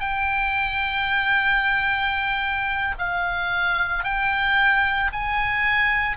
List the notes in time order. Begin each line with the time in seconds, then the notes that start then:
0.00 G5
2.99 F5
4.03 G5
5.12 G#5